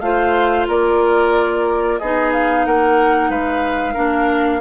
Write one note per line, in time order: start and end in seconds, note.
0.00 0.66 A3
0.00 2.00 F4
0.00 0.68 C5
0.00 0.66 F5
0.68 2.00 A#3
0.68 2.00 A#4
0.68 1.98 D5
1.98 2.66 B3
1.98 3.95 D#4
1.98 2.66 G#4
1.98 2.31 D#5
2.32 2.65 F5
2.66 3.29 A#3
2.66 3.30 A#4
2.66 3.30 F#5
3.29 3.95 G#3
3.29 3.94 B4
3.29 4.61 F5
3.94 4.61 A#3
3.94 4.61 D4
3.94 4.59 A#4